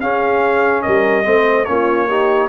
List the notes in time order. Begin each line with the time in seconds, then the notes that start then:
0.00 C#4 G#4 F5
0.82 G3 A#4 D#5
1.23 A3 C4 C5
1.64 A#3 C#4 F4 C#5
2.07 D#4 G4